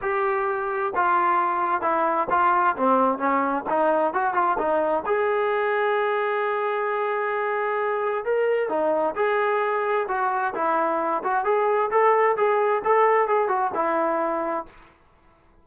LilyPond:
\new Staff \with { instrumentName = "trombone" } { \time 4/4 \tempo 4 = 131 g'2 f'2 | e'4 f'4 c'4 cis'4 | dis'4 fis'8 f'8 dis'4 gis'4~ | gis'1~ |
gis'2 ais'4 dis'4 | gis'2 fis'4 e'4~ | e'8 fis'8 gis'4 a'4 gis'4 | a'4 gis'8 fis'8 e'2 | }